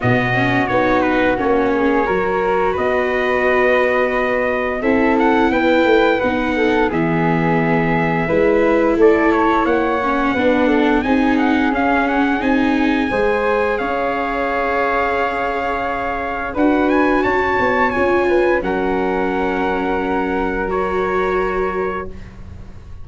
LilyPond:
<<
  \new Staff \with { instrumentName = "trumpet" } { \time 4/4 \tempo 4 = 87 dis''4 cis''8 b'8 cis''2 | dis''2. e''8 fis''8 | g''4 fis''4 e''2~ | e''4 d''8 cis''8 fis''2 |
gis''8 fis''8 f''8 fis''8 gis''2 | f''1 | fis''8 gis''8 a''4 gis''4 fis''4~ | fis''2 cis''2 | }
  \new Staff \with { instrumentName = "flute" } { \time 4/4 fis'2~ fis'8 gis'8 ais'4 | b'2. a'4 | b'4. a'8 gis'2 | b'4 a'4 cis''4 b'8 a'8 |
gis'2. c''4 | cis''1 | b'4 cis''4. b'8 ais'4~ | ais'1 | }
  \new Staff \with { instrumentName = "viola" } { \time 4/4 b8 cis'8 dis'4 cis'4 fis'4~ | fis'2. e'4~ | e'4 dis'4 b2 | e'2~ e'8 cis'8 d'4 |
dis'4 cis'4 dis'4 gis'4~ | gis'1 | fis'2 f'4 cis'4~ | cis'2 fis'2 | }
  \new Staff \with { instrumentName = "tuba" } { \time 4/4 b,4 b4 ais4 fis4 | b2. c'4 | b8 a8 b4 e2 | gis4 a4 ais4 b4 |
c'4 cis'4 c'4 gis4 | cis'1 | d'4 cis'8 b8 cis'4 fis4~ | fis1 | }
>>